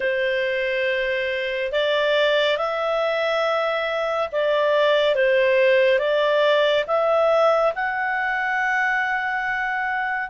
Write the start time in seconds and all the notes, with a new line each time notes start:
0.00 C5
1.71 D5
2.57 E5
4.32 D5
5.15 C5
5.98 D5
6.86 E5
7.75 F#5